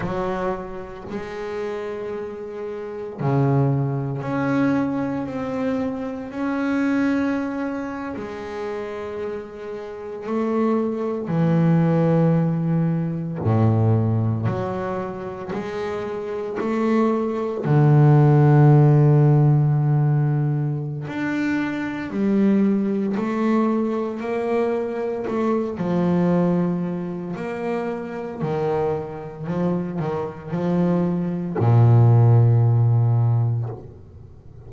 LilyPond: \new Staff \with { instrumentName = "double bass" } { \time 4/4 \tempo 4 = 57 fis4 gis2 cis4 | cis'4 c'4 cis'4.~ cis'16 gis16~ | gis4.~ gis16 a4 e4~ e16~ | e8. a,4 fis4 gis4 a16~ |
a8. d2.~ d16 | d'4 g4 a4 ais4 | a8 f4. ais4 dis4 | f8 dis8 f4 ais,2 | }